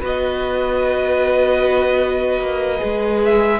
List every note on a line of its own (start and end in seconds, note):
0.00 2.40 B3
0.00 2.78 F#4
0.00 3.60 B4
0.00 3.25 D#5
2.40 2.80 A#3
2.78 3.60 G#3
2.78 3.58 G#4
3.25 3.60 E5